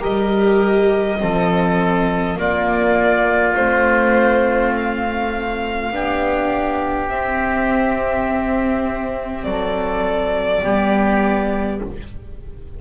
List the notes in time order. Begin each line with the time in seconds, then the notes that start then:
0.00 G3 G4 A#4 D#5
1.19 F3 C4 A4
2.36 A#3 F4 D5
3.55 A3 C4 C5
4.77 F5
5.91 B3 D4 G4
7.09 C4 E5
9.44 F#3 A4 D5
10.63 G3 B3 G4